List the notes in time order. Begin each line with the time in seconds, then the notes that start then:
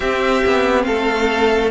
0.00 C4 G4 E5
0.46 B3
0.84 A3 A4 F5